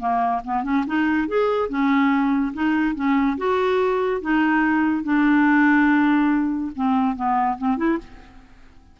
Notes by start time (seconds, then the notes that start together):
0.00 A#3
0.45 B3
0.64 C#4
0.87 D#4
1.28 G#4
1.70 C#4
2.54 D#4
2.96 C#4
3.38 F#4
4.22 D#4
5.04 D4
6.76 C4
7.16 B3
7.58 C4
7.78 E4